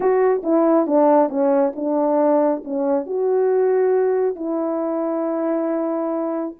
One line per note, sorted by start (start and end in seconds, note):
0.00 0.42 F#4
0.43 0.86 E4
0.86 1.29 D4
1.29 1.72 C#4
1.75 2.63 D4
2.64 3.06 C#4
3.06 4.35 F#4
4.35 6.54 E4